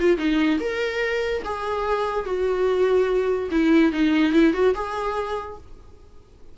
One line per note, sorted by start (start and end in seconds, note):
0.00 0.18 F4
0.18 0.59 D#4
0.60 1.43 A#4
1.45 2.25 G#4
2.25 3.49 F#4
3.51 3.92 E4
3.92 4.33 D#4
4.33 4.53 E4
4.53 4.74 F#4
4.75 5.58 G#4